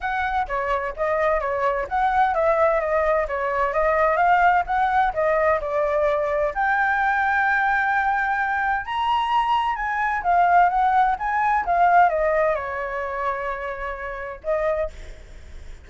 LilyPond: \new Staff \with { instrumentName = "flute" } { \time 4/4 \tempo 4 = 129 fis''4 cis''4 dis''4 cis''4 | fis''4 e''4 dis''4 cis''4 | dis''4 f''4 fis''4 dis''4 | d''2 g''2~ |
g''2. ais''4~ | ais''4 gis''4 f''4 fis''4 | gis''4 f''4 dis''4 cis''4~ | cis''2. dis''4 | }